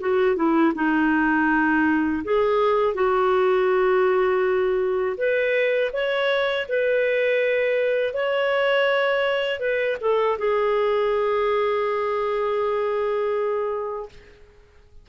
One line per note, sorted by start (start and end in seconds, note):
0.00 0.36 F#4
0.36 0.73 E4
0.75 2.24 D#4
2.24 2.95 G#4
2.95 5.17 F#4
5.18 5.92 B4
5.93 6.67 C#5
6.69 8.14 B4
8.14 9.60 C#5
9.60 9.97 B4
10.01 10.38 A4
10.39 14.09 G#4